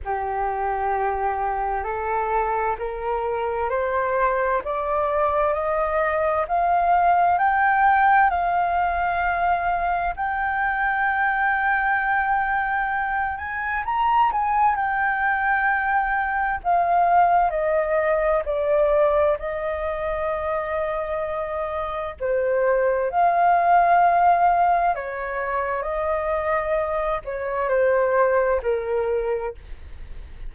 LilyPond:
\new Staff \with { instrumentName = "flute" } { \time 4/4 \tempo 4 = 65 g'2 a'4 ais'4 | c''4 d''4 dis''4 f''4 | g''4 f''2 g''4~ | g''2~ g''8 gis''8 ais''8 gis''8 |
g''2 f''4 dis''4 | d''4 dis''2. | c''4 f''2 cis''4 | dis''4. cis''8 c''4 ais'4 | }